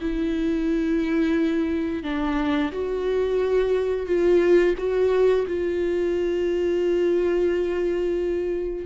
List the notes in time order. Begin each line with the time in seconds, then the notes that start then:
0.00 E4
2.03 D4
2.72 F#4
4.06 F4
4.78 F#4
5.47 F4